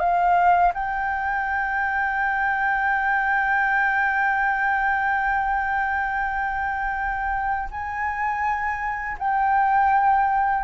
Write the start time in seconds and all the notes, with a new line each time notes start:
0.00 F5
0.74 G5
7.71 G#5
9.19 G5